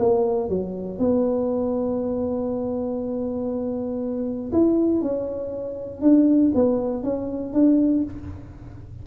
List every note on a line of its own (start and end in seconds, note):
0.00 0.49 A#3
0.49 0.99 F#3
0.99 4.52 B3
4.53 5.02 E4
5.02 6.02 C#4
6.02 6.52 D4
6.55 7.04 B3
7.04 7.54 C#4
7.54 8.04 D4